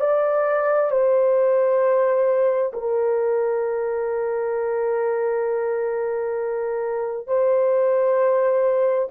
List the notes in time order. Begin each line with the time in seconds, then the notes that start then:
0.00 D5
0.90 C5
2.73 A#4
7.27 C5